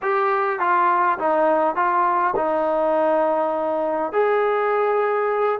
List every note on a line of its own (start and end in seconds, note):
0.02 0.59 G4
0.59 1.18 F4
1.18 1.75 D#4
1.75 2.34 F4
2.36 4.12 D#4
4.12 5.59 G#4